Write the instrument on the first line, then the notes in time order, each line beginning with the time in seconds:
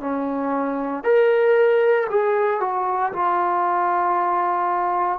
trombone
0.00 C#4
1.03 A#4
2.09 G#4
2.60 F#4
3.12 F4